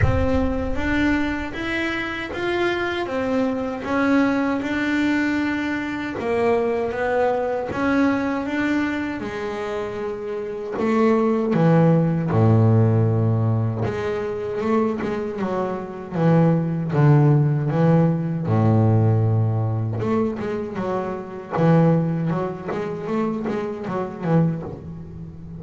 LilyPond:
\new Staff \with { instrumentName = "double bass" } { \time 4/4 \tempo 4 = 78 c'4 d'4 e'4 f'4 | c'4 cis'4 d'2 | ais4 b4 cis'4 d'4 | gis2 a4 e4 |
a,2 gis4 a8 gis8 | fis4 e4 d4 e4 | a,2 a8 gis8 fis4 | e4 fis8 gis8 a8 gis8 fis8 e8 | }